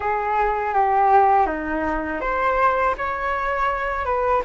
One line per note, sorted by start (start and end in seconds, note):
0.00 0.73 G#4
0.74 1.46 G4
1.46 2.20 D#4
2.20 2.94 C5
2.97 4.05 C#5
4.05 4.42 B4